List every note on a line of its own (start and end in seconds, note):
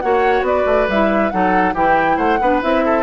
0.00 0.41 A#3
0.00 0.89 F#4
0.00 0.46 C#5
0.00 0.43 F#5
0.41 0.63 B3
0.41 1.33 B4
0.41 0.89 D5
0.66 0.88 A3
0.88 1.31 G3
0.88 1.31 E4
0.88 1.30 E5
1.30 1.74 F#3
1.30 1.74 D#4
1.30 1.74 A4
1.30 1.73 F#5
1.74 2.17 E3
1.74 2.39 E4
1.74 2.17 G4
1.74 2.17 G5
2.17 2.39 A3
2.17 2.38 C5
2.17 2.61 F#5
2.41 2.62 B3
2.41 2.62 D4
2.41 2.85 B4
2.62 3.03 C4
2.62 3.03 E4
2.62 3.03 E5
2.85 3.03 A4